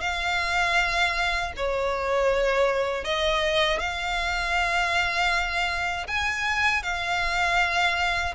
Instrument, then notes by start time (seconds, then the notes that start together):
violin
0.00 F5
1.56 C#5
3.04 D#5
3.79 F5
6.07 G#5
6.83 F5